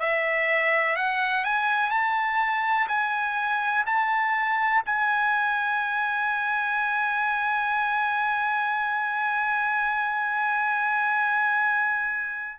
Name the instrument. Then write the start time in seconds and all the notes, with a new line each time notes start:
trumpet
0.00 E5
0.96 F#5
1.45 G#5
1.91 A5
2.88 G#5
3.86 A5
4.86 G#5